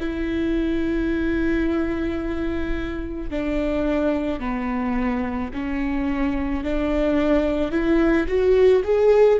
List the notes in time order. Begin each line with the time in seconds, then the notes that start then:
0.00 E4
3.30 D4
4.40 B3
5.53 C#4
6.64 D4
7.71 E4
8.27 F#4
8.84 G#4